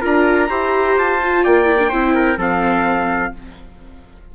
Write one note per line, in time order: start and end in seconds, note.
0.00 0.50 D4
0.00 0.48 F4
0.00 0.47 A#4
0.00 0.98 A#5
0.49 0.96 E4
0.49 1.20 G4
0.49 1.43 C5
0.96 1.43 F4
0.96 1.44 A5
1.22 1.65 F4
1.43 1.91 A#3
1.43 1.89 D5
1.43 2.39 G5
1.65 1.77 E4
1.78 1.90 D4
1.89 2.37 C4
1.89 2.38 E4
1.89 2.13 C5
2.14 2.38 A#4
2.37 3.31 F3
2.37 3.32 C4
2.37 3.32 A4
2.37 3.35 F5